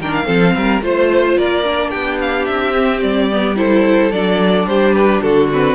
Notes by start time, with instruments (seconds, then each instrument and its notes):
0.00 cello D#3, viola D4, violin A#4 G5
0.13 violin F5
0.24 cello F3, viola C4, violin A4
0.55 cello G3, violin A#4
0.81 cello A3, viola F4, violin C5
1.37 cello A#3, violin A#4 D5
1.63 viola D4
1.89 cello B3, violin G4 G5
2.20 violin F5
2.45 cello C4, violin E5
2.75 viola C4
3.01 cello G3, violin D5
3.31 viola B3
3.55 viola E4, violin A4 C5
4.11 cello F#3, viola D4, violin D5
4.65 cello G3, violin G4 C5
4.93 violin B4
5.21 cello D3, violin F#4 A4
5.51 viola C4, violin B4